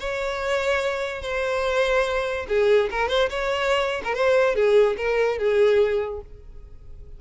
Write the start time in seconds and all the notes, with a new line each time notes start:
0.00 C#5
1.22 C5
2.48 G#4
2.91 A#4
3.08 C5
3.30 C#5
4.04 A#4
4.14 C5
4.55 G#4
4.97 A#4
5.38 G#4